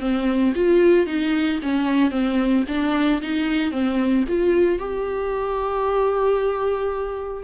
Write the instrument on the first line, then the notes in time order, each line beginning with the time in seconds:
viola
0.00 C4
0.55 F4
1.06 D#4
1.62 C#4
2.11 C4
2.68 D4
3.21 D#4
3.71 C4
4.28 F4
4.79 G4